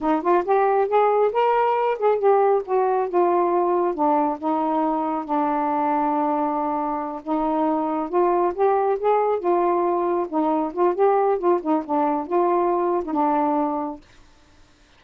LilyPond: \new Staff \with { instrumentName = "saxophone" } { \time 4/4 \tempo 4 = 137 dis'8 f'8 g'4 gis'4 ais'4~ | ais'8 gis'8 g'4 fis'4 f'4~ | f'4 d'4 dis'2 | d'1~ |
d'8 dis'2 f'4 g'8~ | g'8 gis'4 f'2 dis'8~ | dis'8 f'8 g'4 f'8 dis'8 d'4 | f'4.~ f'16 dis'16 d'2 | }